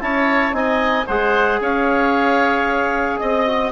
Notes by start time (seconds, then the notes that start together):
0.00 C#4 E4 C#5 A5
0.52 C4 D#4 D#5 G#5
1.07 G#3 G#4 C5 F#5
1.60 C#4 C#5 F5
3.18 C4 D#5
3.47 F#4